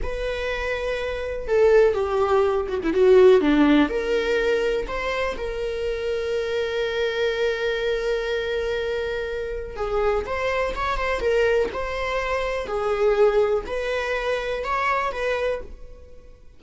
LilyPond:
\new Staff \with { instrumentName = "viola" } { \time 4/4 \tempo 4 = 123 b'2. a'4 | g'4. fis'16 e'16 fis'4 d'4 | ais'2 c''4 ais'4~ | ais'1~ |
ais'1 | gis'4 c''4 cis''8 c''8 ais'4 | c''2 gis'2 | b'2 cis''4 b'4 | }